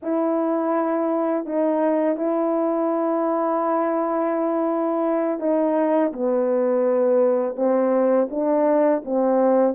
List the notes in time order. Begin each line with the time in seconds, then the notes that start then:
0.02 E4
1.45 D#4
2.17 E4
5.39 D#4
6.12 B3
7.56 C4
8.30 D4
9.05 C4